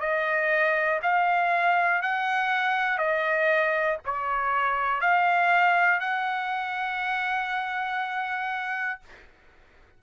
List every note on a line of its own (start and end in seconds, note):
0.00 1.00 D#5
1.02 2.01 F5
2.01 2.98 F#5
2.98 3.98 D#5
4.05 5.00 C#5
5.00 6.00 F5
6.00 9.00 F#5